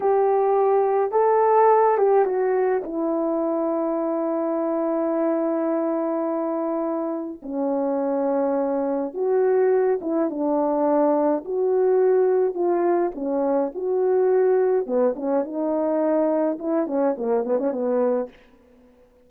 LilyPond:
\new Staff \with { instrumentName = "horn" } { \time 4/4 \tempo 4 = 105 g'2 a'4. g'8 | fis'4 e'2.~ | e'1~ | e'4 cis'2. |
fis'4. e'8 d'2 | fis'2 f'4 cis'4 | fis'2 b8 cis'8 dis'4~ | dis'4 e'8 cis'8 ais8 b16 cis'16 b4 | }